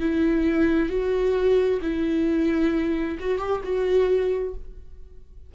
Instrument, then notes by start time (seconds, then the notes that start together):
viola
0.00 E4
0.90 F#4
1.82 E4
3.20 F#4
3.39 G4
3.64 F#4